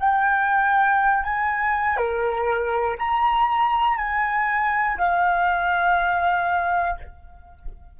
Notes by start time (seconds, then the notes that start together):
0.00 G5
1.24 G#5
1.97 A#4
2.99 A#5
3.97 G#5
4.98 F5